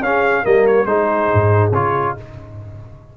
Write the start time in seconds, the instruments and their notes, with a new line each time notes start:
0.00 tuba C#4, trombone C#4, horn G#4, trumpet F5
0.43 tuba G3, trombone A#3, horn A#4, trumpet D#5
0.67 trumpet C#5
0.85 tuba G#3, trombone D#4, horn G#4, trumpet C5
1.34 tuba G#2
1.72 tuba C#3, trombone F4, trumpet C#5